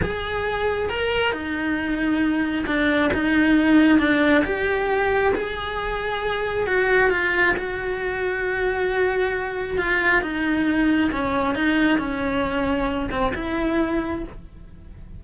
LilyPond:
\new Staff \with { instrumentName = "cello" } { \time 4/4 \tempo 4 = 135 gis'2 ais'4 dis'4~ | dis'2 d'4 dis'4~ | dis'4 d'4 g'2 | gis'2. fis'4 |
f'4 fis'2.~ | fis'2 f'4 dis'4~ | dis'4 cis'4 dis'4 cis'4~ | cis'4. c'8 e'2 | }